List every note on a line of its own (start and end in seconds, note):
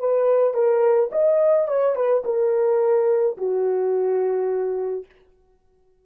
0.00 0.54 B4
0.54 1.10 A#4
1.12 1.68 D#5
1.68 1.96 C#5
1.96 2.24 B4
2.25 3.37 A#4
3.38 5.06 F#4